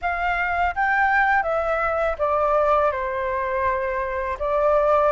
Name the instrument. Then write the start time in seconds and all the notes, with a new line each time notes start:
flute
0.01 F5
0.75 G5
1.43 E5
2.18 D5
2.91 C5
4.39 D5